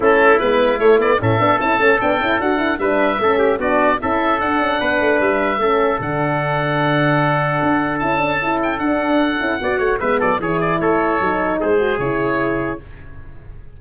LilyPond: <<
  \new Staff \with { instrumentName = "oboe" } { \time 4/4 \tempo 4 = 150 a'4 b'4 cis''8 d''8 e''4 | a''4 g''4 fis''4 e''4~ | e''4 d''4 e''4 fis''4~ | fis''4 e''2 fis''4~ |
fis''1 | a''4. g''8 fis''2~ | fis''4 e''8 d''8 cis''8 d''8 cis''4~ | cis''4 c''4 cis''2 | }
  \new Staff \with { instrumentName = "trumpet" } { \time 4/4 e'2. a'4~ | a'2. b'4 | a'8 g'8 fis'4 a'2 | b'2 a'2~ |
a'1~ | a'1 | d''8 cis''8 b'8 a'8 gis'4 a'4~ | a'4 gis'2. | }
  \new Staff \with { instrumentName = "horn" } { \time 4/4 cis'4 b4 a8 b8 cis'8 d'8 | e'8 cis'8 d'8 e'8 fis'8 e'8 d'4 | cis'4 d'4 e'4 d'4~ | d'2 cis'4 d'4~ |
d'1 | e'8 d'8 e'4 d'4. e'8 | fis'4 b4 e'2 | dis'4. fis'8 e'2 | }
  \new Staff \with { instrumentName = "tuba" } { \time 4/4 a4 gis4 a4 a,8 b8 | cis'8 a8 b8 cis'8 d'4 g4 | a4 b4 cis'4 d'8 cis'8 | b8 a8 g4 a4 d4~ |
d2. d'4 | cis'2 d'4. cis'8 | b8 a8 gis8 fis8 e4 a4 | fis4 gis4 cis2 | }
>>